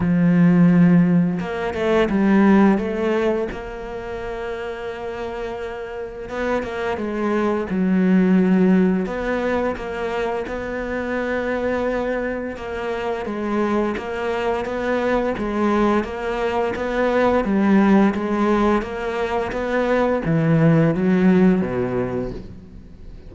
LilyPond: \new Staff \with { instrumentName = "cello" } { \time 4/4 \tempo 4 = 86 f2 ais8 a8 g4 | a4 ais2.~ | ais4 b8 ais8 gis4 fis4~ | fis4 b4 ais4 b4~ |
b2 ais4 gis4 | ais4 b4 gis4 ais4 | b4 g4 gis4 ais4 | b4 e4 fis4 b,4 | }